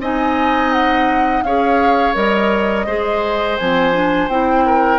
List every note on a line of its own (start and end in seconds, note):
0.00 1.43 C4
0.00 1.45 D#4
0.00 1.44 D#5
0.00 0.73 G#5
0.73 1.43 F#5
1.43 2.15 C#4
1.43 2.15 G#4
1.43 2.87 C#5
1.43 2.15 F5
2.15 2.87 G3
2.15 2.86 A#4
2.15 3.57 D#5
2.87 3.58 G#3
2.87 3.59 G#4
2.87 4.65 C5
3.57 4.29 F3
3.57 3.93 C4
3.57 4.29 G#5
3.93 4.29 D4
4.29 4.99 C4
4.29 4.99 E4
4.29 4.99 G5
4.66 4.99 A#4